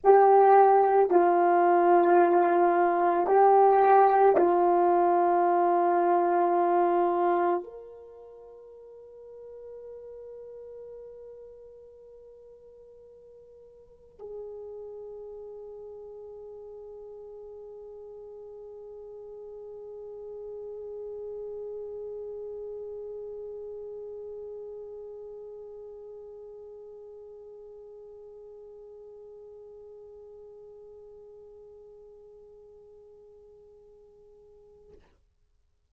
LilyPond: \new Staff \with { instrumentName = "horn" } { \time 4/4 \tempo 4 = 55 g'4 f'2 g'4 | f'2. ais'4~ | ais'1~ | ais'4 gis'2.~ |
gis'1~ | gis'1~ | gis'1~ | gis'1 | }